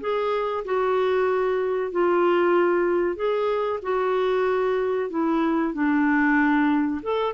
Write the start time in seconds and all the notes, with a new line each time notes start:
0.00 G#4
0.64 F#4
1.91 F4
3.16 G#4
3.82 F#4
5.10 E4
5.73 D4
7.02 A4